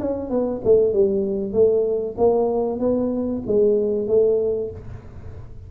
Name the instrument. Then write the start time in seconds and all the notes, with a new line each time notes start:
tuba
0.00 C#4
0.30 B3
0.64 A3
0.93 G3
1.53 A3
2.18 A#3
2.80 B3
3.47 G#3
4.08 A3